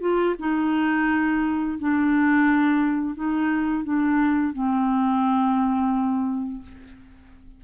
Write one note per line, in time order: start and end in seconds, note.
0.00 0.35 F4
0.39 1.79 D#4
1.79 3.15 D4
3.15 3.84 D#4
3.84 4.53 D4
4.53 6.62 C4